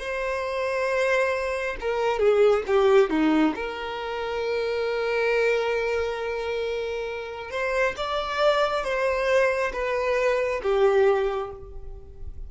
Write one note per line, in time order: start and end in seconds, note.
0.00 1.76 C5
1.81 2.19 A#4
2.19 2.64 G#4
2.67 3.10 G4
3.10 3.55 D#4
3.55 7.51 A#4
7.51 7.95 C5
7.97 8.84 D5
8.84 9.73 C5
9.73 10.62 B4
10.63 11.51 G4